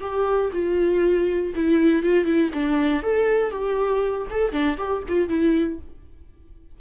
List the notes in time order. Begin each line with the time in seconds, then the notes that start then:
0.00 G4
0.53 F4
1.55 E4
2.03 F4
2.25 E4
2.53 D4
3.02 A4
3.51 G4
4.30 A4
4.52 D4
4.77 G4
5.08 F4
5.29 E4